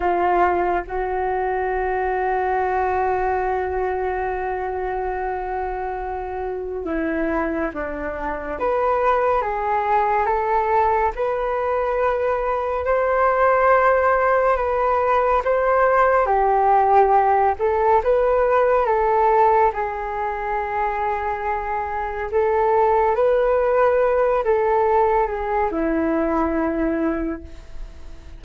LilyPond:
\new Staff \with { instrumentName = "flute" } { \time 4/4 \tempo 4 = 70 f'4 fis'2.~ | fis'1 | e'4 d'4 b'4 gis'4 | a'4 b'2 c''4~ |
c''4 b'4 c''4 g'4~ | g'8 a'8 b'4 a'4 gis'4~ | gis'2 a'4 b'4~ | b'8 a'4 gis'8 e'2 | }